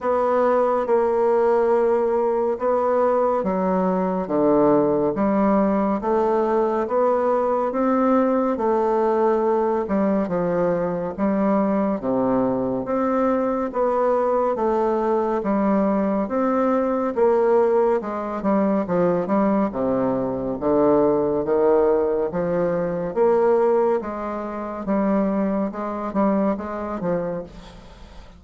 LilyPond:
\new Staff \with { instrumentName = "bassoon" } { \time 4/4 \tempo 4 = 70 b4 ais2 b4 | fis4 d4 g4 a4 | b4 c'4 a4. g8 | f4 g4 c4 c'4 |
b4 a4 g4 c'4 | ais4 gis8 g8 f8 g8 c4 | d4 dis4 f4 ais4 | gis4 g4 gis8 g8 gis8 f8 | }